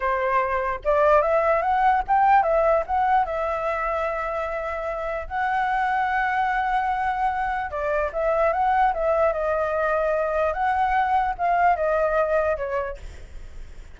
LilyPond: \new Staff \with { instrumentName = "flute" } { \time 4/4 \tempo 4 = 148 c''2 d''4 e''4 | fis''4 g''4 e''4 fis''4 | e''1~ | e''4 fis''2.~ |
fis''2. d''4 | e''4 fis''4 e''4 dis''4~ | dis''2 fis''2 | f''4 dis''2 cis''4 | }